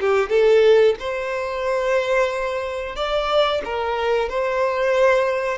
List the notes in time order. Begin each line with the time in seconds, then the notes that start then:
0.00 G4
0.29 A4
0.99 C5
2.96 D5
3.64 A#4
4.29 C5